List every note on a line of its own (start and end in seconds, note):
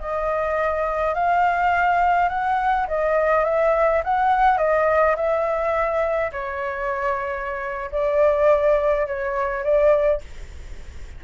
0.00 1.15 D#5
1.15 2.29 F5
2.29 2.87 F#5
2.88 3.45 D#5
3.45 4.03 E5
4.04 4.58 F#5
4.58 5.16 D#5
5.16 6.32 E5
6.32 7.91 C#5
7.92 9.07 D5
9.07 9.64 C#5
9.64 10.22 D5